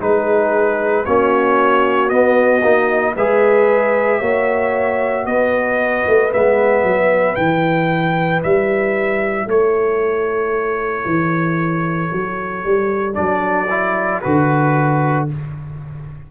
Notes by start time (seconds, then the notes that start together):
0.00 G#3 D#4 G#4 B4
1.05 A#3 C#4 F#4 C#5
2.09 B3 D#5
2.62 A#3 D#4
3.14 G#3 G#4 B4 E5
4.19 A#3 F#4 C#5
5.26 B3 B4 D#5
6.07 A3
6.32 G#3 B3 E5
6.83 F#3
7.36 E3 E4 G5
8.43 G3 E5
9.46 A3 A4 C#5
11.05 E3
12.12 F#3
12.64 G3
13.13 F#3 D4 D5
13.70 E4
14.21 D3 F#4 B4